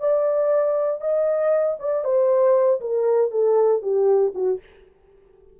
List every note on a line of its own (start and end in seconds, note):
0.00 1.01 D5
1.01 1.77 D#5
1.80 2.04 D5
2.04 2.80 C5
2.81 3.31 A#4
3.31 3.82 A4
3.82 4.33 G4
4.35 4.60 F#4